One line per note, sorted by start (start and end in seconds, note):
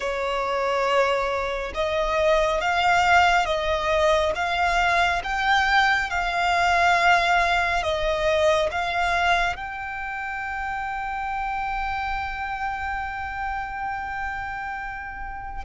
0.00 1.72 C#5
1.74 2.60 D#5
2.60 3.45 F5
3.45 4.32 D#5
4.35 5.22 F5
5.23 6.10 G5
6.10 7.82 F5
7.82 8.69 D#5
8.71 9.55 F5
9.55 15.64 G5